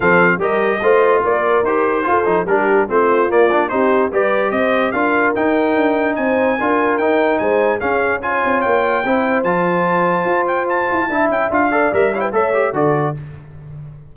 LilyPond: <<
  \new Staff \with { instrumentName = "trumpet" } { \time 4/4 \tempo 4 = 146 f''4 dis''2 d''4 | c''2 ais'4 c''4 | d''4 c''4 d''4 dis''4 | f''4 g''2 gis''4~ |
gis''4 g''4 gis''4 f''4 | gis''4 g''2 a''4~ | a''4. g''8 a''4. g''8 | f''4 e''8 f''16 g''16 e''4 d''4 | }
  \new Staff \with { instrumentName = "horn" } { \time 4/4 a'4 ais'4 c''4 ais'4~ | ais'4 a'4 g'4 f'4~ | f'4 g'4 b'4 c''4 | ais'2. c''4 |
ais'2 c''4 gis'4 | cis''2 c''2~ | c''2. e''4~ | e''8 d''4 cis''16 b'16 cis''4 a'4 | }
  \new Staff \with { instrumentName = "trombone" } { \time 4/4 c'4 g'4 f'2 | g'4 f'8 dis'8 d'4 c'4 | ais8 d'8 dis'4 g'2 | f'4 dis'2. |
f'4 dis'2 cis'4 | f'2 e'4 f'4~ | f'2. e'4 | f'8 a'8 ais'8 e'8 a'8 g'8 fis'4 | }
  \new Staff \with { instrumentName = "tuba" } { \time 4/4 f4 g4 a4 ais4 | dis'4 f'8 f8 g4 a4 | ais4 c'4 g4 c'4 | d'4 dis'4 d'4 c'4 |
d'4 dis'4 gis4 cis'4~ | cis'8 c'8 ais4 c'4 f4~ | f4 f'4. e'8 d'8 cis'8 | d'4 g4 a4 d4 | }
>>